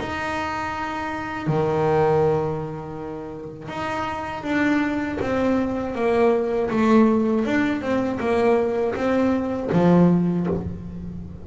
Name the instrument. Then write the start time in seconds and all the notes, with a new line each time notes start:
double bass
0.00 D#4
1.47 D#3
3.69 D#4
4.44 D4
5.21 C4
5.95 A#3
6.71 A3
7.46 D4
7.82 C4
8.20 A#3
8.95 C4
9.72 F3